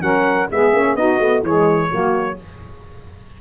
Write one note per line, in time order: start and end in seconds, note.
0.00 0.49 F#3
0.00 0.47 C#4
0.00 0.49 A#4
0.00 0.49 F#5
0.51 0.73 G#3
0.51 0.74 B3
0.51 0.98 G#4
0.51 0.96 E5
0.73 0.95 A#3
0.73 0.97 C#4
0.95 1.19 B3
0.95 1.19 D#4
0.95 1.44 F#4
0.95 1.43 D#5
1.19 1.43 A3
1.19 1.43 B3
1.43 1.90 E3
1.43 1.90 G#3
1.43 1.89 G#4
1.43 2.40 C#5
1.89 2.41 F#3
1.89 2.37 A#3
1.89 2.36 F#4